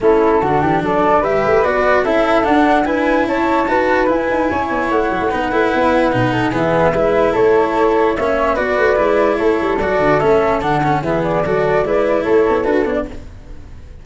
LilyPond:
<<
  \new Staff \with { instrumentName = "flute" } { \time 4/4 \tempo 4 = 147 a'2 d''4 e''4 | d''4 e''4 fis''4 gis''4 | a''2 gis''2 | fis''1 |
e''2 cis''2 | e''4 d''2 cis''4 | d''4 e''4 fis''4 e''8 d''8~ | d''2 cis''4 b'8 cis''16 d''16 | }
  \new Staff \with { instrumentName = "flute" } { \time 4/4 e'4 fis'8 g'8 a'4 b'4~ | b'4 a'2 b'4 | cis''4 b'2 cis''4~ | cis''4 b'2~ b'8 a'8 |
gis'4 b'4 a'2 | cis''4 b'2 a'4~ | a'2. gis'4 | a'4 b'4 a'2 | }
  \new Staff \with { instrumentName = "cello" } { \time 4/4 cis'4 d'2 g'4 | fis'4 e'4 d'4 e'4~ | e'4 fis'4 e'2~ | e'4 dis'8 e'4. dis'4 |
b4 e'2. | cis'4 fis'4 e'2 | fis'4 cis'4 d'8 cis'8 b4 | fis'4 e'2 fis'8 d'8 | }
  \new Staff \with { instrumentName = "tuba" } { \time 4/4 a4 d8 e8 fis4 g8 a8 | b4 cis'4 d'2 | cis'4 dis'4 e'8 dis'8 cis'8 b8 | a8 fis16 a16 b8 a8 b4 b,4 |
e4 gis4 a2 | ais4 b8 a8 gis4 a8 g8 | fis8 d8 a4 d4 e4 | fis4 gis4 a8 b8 d'8 b8 | }
>>